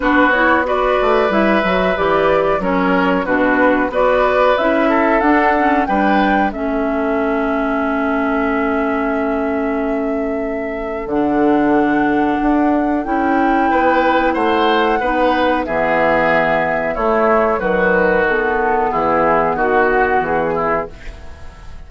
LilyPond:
<<
  \new Staff \with { instrumentName = "flute" } { \time 4/4 \tempo 4 = 92 b'8 cis''8 d''4 e''4 d''4 | cis''4 b'4 d''4 e''4 | fis''4 g''4 e''2~ | e''1~ |
e''4 fis''2. | g''2 fis''2 | e''2 cis''4 b'4 | a'4 gis'4 fis'4 gis'4 | }
  \new Staff \with { instrumentName = "oboe" } { \time 4/4 fis'4 b'2. | ais'4 fis'4 b'4. a'8~ | a'4 b'4 a'2~ | a'1~ |
a'1~ | a'4 b'4 c''4 b'4 | gis'2 e'4 fis'4~ | fis'4 e'4 fis'4. e'8 | }
  \new Staff \with { instrumentName = "clarinet" } { \time 4/4 d'8 e'8 fis'4 e'8 fis'8 g'4 | cis'4 d'4 fis'4 e'4 | d'8 cis'8 d'4 cis'2~ | cis'1~ |
cis'4 d'2. | e'2. dis'4 | b2 a4 fis4 | b1 | }
  \new Staff \with { instrumentName = "bassoon" } { \time 4/4 b4. a8 g8 fis8 e4 | fis4 b,4 b4 cis'4 | d'4 g4 a2~ | a1~ |
a4 d2 d'4 | cis'4 b4 a4 b4 | e2 a4 dis4~ | dis4 e4 dis4 e4 | }
>>